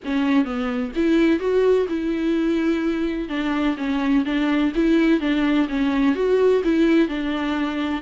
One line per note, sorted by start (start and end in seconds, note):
0.04 0.44 C#4
0.44 0.91 B3
0.95 1.39 E4
1.39 1.87 F#4
1.89 3.28 E4
3.28 3.76 D4
3.77 4.24 C#4
4.25 4.72 D4
4.75 5.20 E4
5.20 5.67 D4
5.68 6.15 C#4
6.15 6.62 F#4
6.64 7.08 E4
7.08 8.02 D4